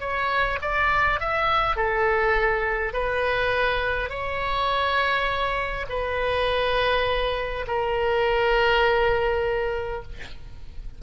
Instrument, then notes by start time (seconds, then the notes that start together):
oboe
0.00 C#5
0.61 D5
1.20 E5
1.76 A4
2.93 B4
4.10 C#5
5.89 B4
7.67 A#4